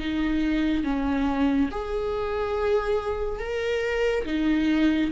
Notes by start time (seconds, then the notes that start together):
0.00 D#4
0.84 C#4
1.71 G#4
3.40 A#4
4.26 D#4